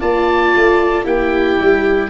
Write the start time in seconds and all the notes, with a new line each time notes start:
0.00 A#3 F4 D5 A5
0.56 A3
1.04 A#3 E4 G4 G5
1.60 G3